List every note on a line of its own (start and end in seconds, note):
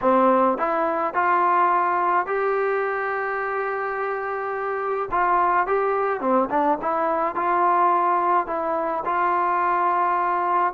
0.01 0.57 C4
0.57 1.14 E4
1.14 2.26 F4
2.26 5.09 G4
5.11 5.67 F4
5.67 6.20 G4
6.20 6.48 C4
6.49 6.78 D4
6.81 7.35 E4
7.35 8.46 F4
8.46 9.03 E4
9.05 10.73 F4